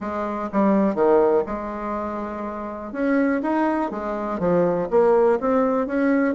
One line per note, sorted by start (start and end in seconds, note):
0.00 0.49 G#3
0.52 0.94 G3
0.94 1.43 D#3
1.46 2.92 G#3
2.92 3.41 C#4
3.42 3.90 D#4
3.90 4.39 G#3
4.39 4.88 F3
4.90 5.39 A#3
5.39 5.86 C4
5.86 6.34 C#4